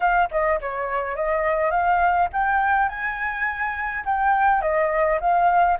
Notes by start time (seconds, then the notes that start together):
0.00 F5
0.31 D#5
0.61 C#5
1.15 D#5
1.70 F5
2.32 G5
2.88 G#5
4.05 G5
4.61 D#5
5.20 F5